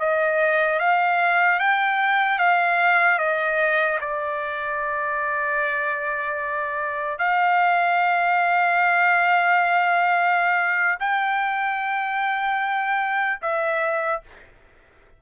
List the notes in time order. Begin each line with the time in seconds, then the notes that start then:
0.00 D#5
0.80 F5
1.60 G5
2.39 F5
3.19 D#5
4.01 D5
7.19 F5
11.00 G5
13.42 E5